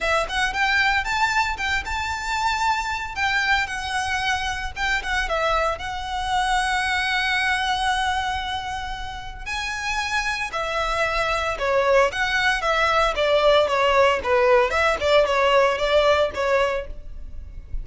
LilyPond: \new Staff \with { instrumentName = "violin" } { \time 4/4 \tempo 4 = 114 e''8 fis''8 g''4 a''4 g''8 a''8~ | a''2 g''4 fis''4~ | fis''4 g''8 fis''8 e''4 fis''4~ | fis''1~ |
fis''2 gis''2 | e''2 cis''4 fis''4 | e''4 d''4 cis''4 b'4 | e''8 d''8 cis''4 d''4 cis''4 | }